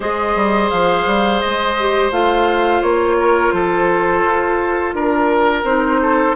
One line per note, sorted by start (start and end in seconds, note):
0.00 0.35 G#3
0.00 1.76 G#4
0.00 3.16 C5
0.00 0.70 D#5
0.35 0.70 G3
0.70 1.06 F3
0.70 1.40 F5
1.06 1.41 G3
1.40 2.11 G#3
1.40 2.11 D#5
1.79 2.11 G4
2.11 2.81 A3
2.11 5.64 F4
2.11 2.82 F5
2.82 3.52 A#3
2.82 3.51 C#5
3.19 3.54 A#4
3.51 4.23 F3
3.51 4.95 A4
3.51 4.92 C5
4.23 4.93 F4
4.93 5.63 D4
4.93 6.01 A#4
4.93 5.65 A#4
5.63 6.34 C4
5.63 6.35 D#4
5.63 6.35 C5
6.01 6.35 A4